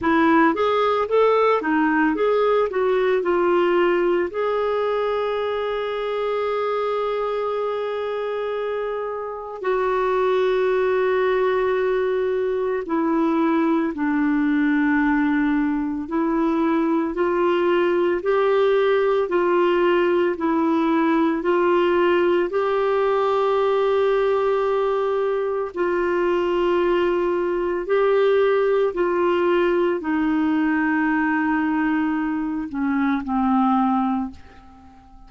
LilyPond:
\new Staff \with { instrumentName = "clarinet" } { \time 4/4 \tempo 4 = 56 e'8 gis'8 a'8 dis'8 gis'8 fis'8 f'4 | gis'1~ | gis'4 fis'2. | e'4 d'2 e'4 |
f'4 g'4 f'4 e'4 | f'4 g'2. | f'2 g'4 f'4 | dis'2~ dis'8 cis'8 c'4 | }